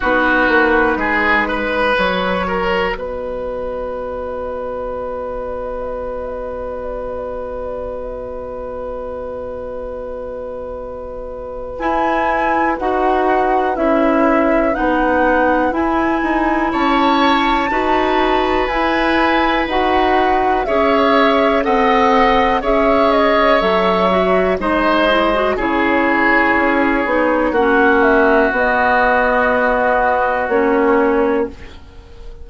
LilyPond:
<<
  \new Staff \with { instrumentName = "flute" } { \time 4/4 \tempo 4 = 61 b'2 cis''4 dis''4~ | dis''1~ | dis''1 | gis''4 fis''4 e''4 fis''4 |
gis''4 a''2 gis''4 | fis''4 e''4 fis''4 e''8 dis''8 | e''4 dis''4 cis''2 | fis''8 e''8 dis''2 cis''4 | }
  \new Staff \with { instrumentName = "oboe" } { \time 4/4 fis'4 gis'8 b'4 ais'8 b'4~ | b'1~ | b'1~ | b'1~ |
b'4 cis''4 b'2~ | b'4 cis''4 dis''4 cis''4~ | cis''4 c''4 gis'2 | fis'1 | }
  \new Staff \with { instrumentName = "clarinet" } { \time 4/4 dis'2 fis'2~ | fis'1~ | fis'1 | e'4 fis'4 e'4 dis'4 |
e'2 fis'4 e'4 | fis'4 gis'4 a'4 gis'4 | a'8 fis'8 dis'8 e'16 fis'16 e'4. dis'8 | cis'4 b2 cis'4 | }
  \new Staff \with { instrumentName = "bassoon" } { \time 4/4 b8 ais8 gis4 fis4 b4~ | b1~ | b1 | e'4 dis'4 cis'4 b4 |
e'8 dis'8 cis'4 dis'4 e'4 | dis'4 cis'4 c'4 cis'4 | fis4 gis4 cis4 cis'8 b8 | ais4 b2 ais4 | }
>>